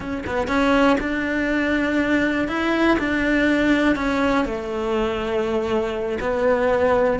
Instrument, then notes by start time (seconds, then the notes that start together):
cello
0.00 C#4
0.26 B3
0.47 C#4
1.00 D4
2.48 E4
2.98 D4
3.95 C#4
4.45 A3
6.20 B3